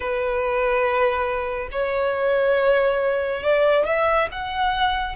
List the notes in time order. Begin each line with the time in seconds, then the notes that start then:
0.00 B4
1.71 C#5
3.42 D5
3.85 E5
4.31 F#5